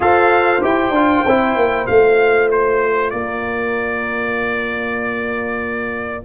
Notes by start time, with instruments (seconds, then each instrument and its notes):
0.00 tuba F4, trombone A4, horn C5, trumpet F5
0.61 tuba E4, trombone G4, trumpet G5
0.90 tuba D4, trombone F4
1.26 tuba C4, trombone E4
1.56 tuba A#3
1.86 tuba A3, trombone F4, trumpet F5
2.51 trumpet C5
3.10 tuba A#3, horn A#4, trumpet D5